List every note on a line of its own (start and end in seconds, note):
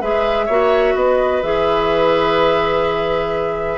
0.00 0.48 G#3
0.00 0.49 G#4
0.00 0.46 B4
0.00 0.96 E5
0.46 0.94 A#3
0.46 1.42 F#4
0.46 0.93 C#5
0.94 1.42 B3
0.94 3.78 B4
0.94 1.42 D#5
1.42 3.78 E3
1.42 3.78 G#4
1.42 3.78 E5